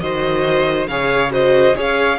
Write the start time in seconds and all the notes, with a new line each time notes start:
0.00 D#3 F#4 C5 D#5
0.87 C#3 G#4 C#5 F5
1.31 F#4 C5 D#5
1.75 C#4 G#4 C#5 F5